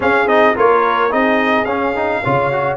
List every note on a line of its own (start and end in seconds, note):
0.00 0.26 C#4
0.00 0.27 C#4
0.00 0.55 G#4
0.00 0.28 F5
0.26 0.54 C4
0.26 0.55 D#4
0.26 0.55 D#5
0.55 1.12 A#3
0.55 1.10 F4
0.55 1.10 A#4
0.55 1.12 C#5
1.10 1.65 C4
1.10 1.65 D#4
1.10 2.21 G#4
1.10 1.64 D#5
1.64 2.20 C#4
1.64 1.95 C#4
1.64 2.75 F5
1.95 2.23 D#4
2.23 2.76 C#3
2.23 2.52 F4
2.23 2.76 C#5
2.52 2.76 F#4